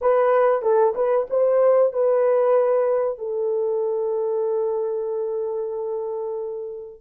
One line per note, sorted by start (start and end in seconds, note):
0.01 0.62 B4
0.62 0.93 A4
0.95 1.26 B4
1.29 1.92 C5
1.92 3.18 B4
3.18 7.01 A4